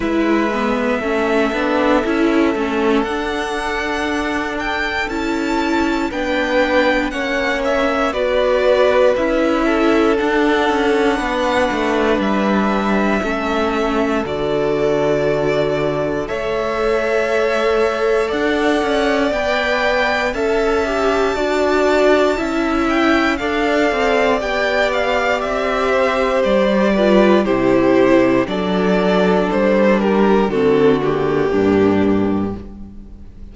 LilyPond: <<
  \new Staff \with { instrumentName = "violin" } { \time 4/4 \tempo 4 = 59 e''2. fis''4~ | fis''8 g''8 a''4 g''4 fis''8 e''8 | d''4 e''4 fis''2 | e''2 d''2 |
e''2 fis''4 g''4 | a''2~ a''8 g''8 f''4 | g''8 f''8 e''4 d''4 c''4 | d''4 c''8 ais'8 a'8 g'4. | }
  \new Staff \with { instrumentName = "violin" } { \time 4/4 b'4 a'2.~ | a'2 b'4 cis''4 | b'4. a'4. b'4~ | b'4 a'2. |
cis''2 d''2 | e''4 d''4 e''4 d''4~ | d''4. c''4 b'8 g'4 | a'4. g'8 fis'4 d'4 | }
  \new Staff \with { instrumentName = "viola" } { \time 4/4 e'8 b8 cis'8 d'8 e'8 cis'8 d'4~ | d'4 e'4 d'4 cis'4 | fis'4 e'4 d'2~ | d'4 cis'4 fis'2 |
a'2. b'4 | a'8 g'8 fis'4 e'4 a'4 | g'2~ g'8 f'8 e'4 | d'2 c'8 ais4. | }
  \new Staff \with { instrumentName = "cello" } { \time 4/4 gis4 a8 b8 cis'8 a8 d'4~ | d'4 cis'4 b4 ais4 | b4 cis'4 d'8 cis'8 b8 a8 | g4 a4 d2 |
a2 d'8 cis'8 b4 | cis'4 d'4 cis'4 d'8 c'8 | b4 c'4 g4 c4 | fis4 g4 d4 g,4 | }
>>